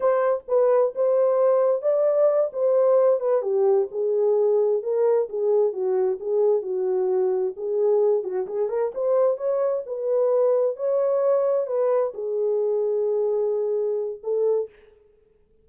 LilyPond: \new Staff \with { instrumentName = "horn" } { \time 4/4 \tempo 4 = 131 c''4 b'4 c''2 | d''4. c''4. b'8 g'8~ | g'8 gis'2 ais'4 gis'8~ | gis'8 fis'4 gis'4 fis'4.~ |
fis'8 gis'4. fis'8 gis'8 ais'8 c''8~ | c''8 cis''4 b'2 cis''8~ | cis''4. b'4 gis'4.~ | gis'2. a'4 | }